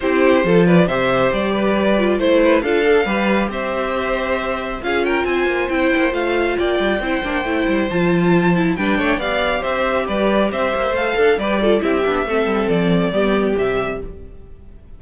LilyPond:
<<
  \new Staff \with { instrumentName = "violin" } { \time 4/4 \tempo 4 = 137 c''4. d''8 e''4 d''4~ | d''4 c''4 f''2 | e''2. f''8 g''8 | gis''4 g''4 f''4 g''4~ |
g''2 a''2 | g''4 f''4 e''4 d''4 | e''4 f''4 d''4 e''4~ | e''4 d''2 e''4 | }
  \new Staff \with { instrumentName = "violin" } { \time 4/4 g'4 a'8 b'8 c''4. b'8~ | b'4 c''8 b'8 a'4 b'4 | c''2. gis'8 ais'8 | c''2. d''4 |
c''1 | b'8 cis''8 d''4 c''4 b'4 | c''4. a'8 b'8 a'8 g'4 | a'2 g'2 | }
  \new Staff \with { instrumentName = "viola" } { \time 4/4 e'4 f'4 g'2~ | g'8 f'8 e'4 f'8 a'8 g'4~ | g'2. f'4~ | f'4 e'4 f'2 |
e'8 d'8 e'4 f'4. e'8 | d'4 g'2.~ | g'4 a'4 g'8 f'8 e'8 d'8 | c'2 b4 g4 | }
  \new Staff \with { instrumentName = "cello" } { \time 4/4 c'4 f4 c4 g4~ | g4 a4 d'4 g4 | c'2. cis'4 | c'8 ais8 c'8 ais8 a4 ais8 g8 |
c'8 ais8 a8 g8 f2 | g8 a8 b4 c'4 g4 | c'8 ais8 a8 d'8 g4 c'8 b8 | a8 g8 f4 g4 c4 | }
>>